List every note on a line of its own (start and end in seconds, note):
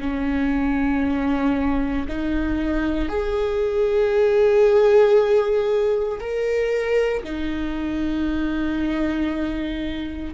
0.00 2.07 C#4
2.08 3.08 D#4
3.08 6.19 G#4
6.20 7.23 A#4
7.23 10.34 D#4